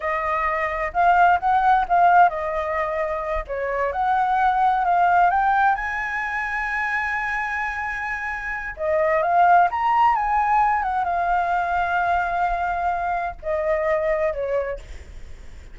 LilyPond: \new Staff \with { instrumentName = "flute" } { \time 4/4 \tempo 4 = 130 dis''2 f''4 fis''4 | f''4 dis''2~ dis''8 cis''8~ | cis''8 fis''2 f''4 g''8~ | g''8 gis''2.~ gis''8~ |
gis''2. dis''4 | f''4 ais''4 gis''4. fis''8 | f''1~ | f''4 dis''2 cis''4 | }